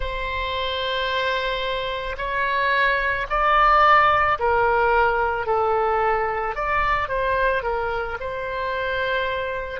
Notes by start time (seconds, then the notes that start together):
0.00 C5
2.17 C#5
3.29 D5
4.39 A#4
5.46 A4
6.55 D5
7.08 C5
7.63 A#4
8.20 C5